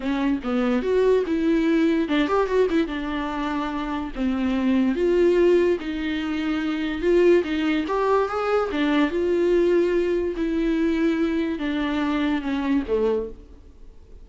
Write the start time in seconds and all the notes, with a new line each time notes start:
0.00 C#4
0.43 B3
0.82 F#4
1.26 E4
2.08 D4
2.27 G4
2.46 F#4
2.70 E4
2.87 D4
4.15 C4
4.95 F4
5.80 D#4
7.01 F4
7.44 D#4
7.87 G4
8.28 G#4
8.71 D4
9.10 F4
10.36 E4
11.59 D4
12.41 C#4
12.87 A3